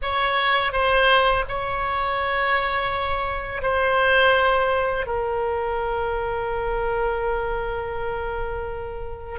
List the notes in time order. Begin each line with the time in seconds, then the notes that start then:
0.02 C#5
0.72 C5
1.48 C#5
3.61 C5
5.06 A#4